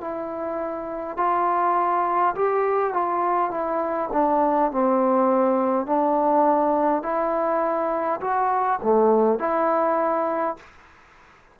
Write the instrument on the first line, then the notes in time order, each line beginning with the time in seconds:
trombone
0.00 E4
1.17 F4
2.34 G4
2.93 F4
3.50 E4
4.12 D4
4.71 C4
5.86 D4
7.02 E4
8.20 F#4
8.83 A3
9.39 E4